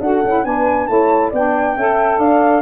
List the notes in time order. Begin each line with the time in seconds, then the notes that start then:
0.00 D4 F#4 A4 F#5
0.24 C#4 E4
0.44 B3 D4 B4 G#5
0.86 A3 E4 C#5 A5
1.30 B3 D4 D5 G5
1.76 C#4 A4 E5
2.18 D4 D5 F5